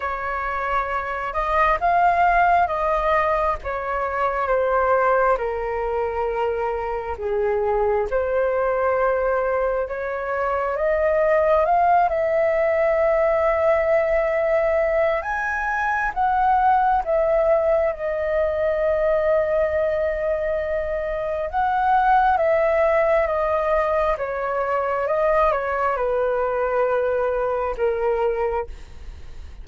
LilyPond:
\new Staff \with { instrumentName = "flute" } { \time 4/4 \tempo 4 = 67 cis''4. dis''8 f''4 dis''4 | cis''4 c''4 ais'2 | gis'4 c''2 cis''4 | dis''4 f''8 e''2~ e''8~ |
e''4 gis''4 fis''4 e''4 | dis''1 | fis''4 e''4 dis''4 cis''4 | dis''8 cis''8 b'2 ais'4 | }